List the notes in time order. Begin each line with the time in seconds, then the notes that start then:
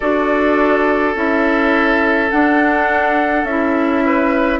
0.00 D4 F#4 A4 D5
1.15 C#4 E4 E5
2.30 D4 F#5
3.44 C#4 E4 E5
4.05 B4